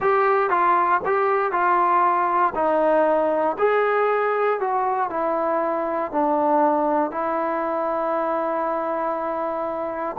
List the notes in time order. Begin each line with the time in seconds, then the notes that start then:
0.00 G4
0.49 F4
1.05 G4
1.52 F4
2.54 D#4
3.58 G#4
4.59 F#4
5.10 E4
6.11 D4
7.11 E4